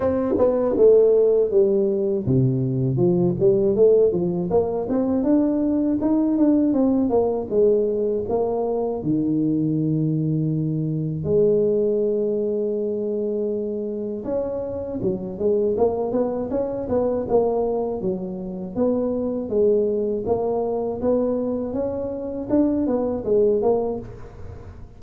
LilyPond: \new Staff \with { instrumentName = "tuba" } { \time 4/4 \tempo 4 = 80 c'8 b8 a4 g4 c4 | f8 g8 a8 f8 ais8 c'8 d'4 | dis'8 d'8 c'8 ais8 gis4 ais4 | dis2. gis4~ |
gis2. cis'4 | fis8 gis8 ais8 b8 cis'8 b8 ais4 | fis4 b4 gis4 ais4 | b4 cis'4 d'8 b8 gis8 ais8 | }